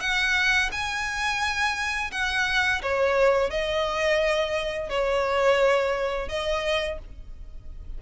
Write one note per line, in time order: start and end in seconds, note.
0.00 0.70 F#5
0.71 2.11 G#5
2.11 2.81 F#5
2.82 3.50 C#5
3.50 4.89 D#5
4.89 6.28 C#5
6.28 6.98 D#5